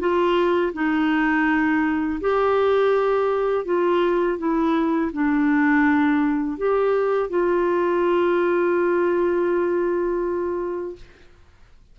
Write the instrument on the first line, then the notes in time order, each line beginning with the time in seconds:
clarinet
0.00 F4
0.74 D#4
2.21 G4
3.66 F4
4.39 E4
5.13 D4
6.58 G4
7.30 F4